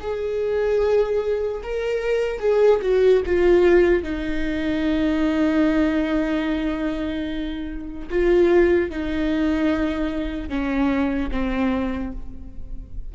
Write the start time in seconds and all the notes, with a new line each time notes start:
0.00 G#4
1.63 A#4
2.40 G#4
2.82 F#4
3.26 F4
4.03 D#4
8.10 F4
8.90 D#4
10.49 C#4
11.31 C4